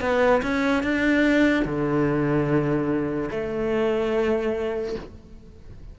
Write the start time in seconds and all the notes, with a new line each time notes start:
0.00 B3
0.42 C#4
0.83 D4
1.65 D3
3.30 A3